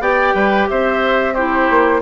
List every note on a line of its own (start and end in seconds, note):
0.00 0.33 B3
0.00 1.35 G4
0.00 0.35 D5
0.00 0.68 G5
0.34 0.68 G3
0.34 0.68 B4
0.69 1.70 C4
0.69 1.34 C5
0.69 1.35 E5
1.34 2.02 E4
1.34 2.01 G4
1.34 2.01 C5
1.70 2.02 A#3